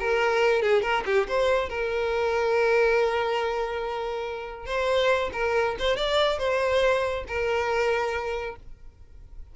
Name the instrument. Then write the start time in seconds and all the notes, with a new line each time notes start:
violin
0.00 A#4
0.63 G#4
0.83 A#4
1.06 G4
1.28 C5
1.70 A#4
4.67 C5
5.34 A#4
5.80 C5
5.97 D5
6.39 C5
7.28 A#4